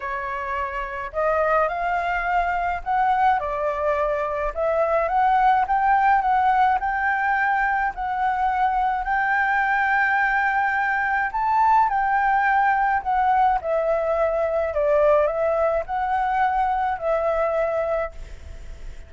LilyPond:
\new Staff \with { instrumentName = "flute" } { \time 4/4 \tempo 4 = 106 cis''2 dis''4 f''4~ | f''4 fis''4 d''2 | e''4 fis''4 g''4 fis''4 | g''2 fis''2 |
g''1 | a''4 g''2 fis''4 | e''2 d''4 e''4 | fis''2 e''2 | }